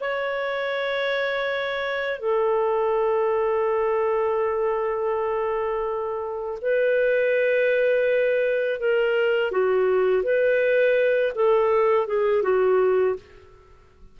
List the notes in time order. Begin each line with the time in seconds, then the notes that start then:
0.00 C#5
2.19 A4
6.61 B4
8.80 A#4
9.51 F#4
10.23 B4
11.35 A4
12.07 G#4
12.42 F#4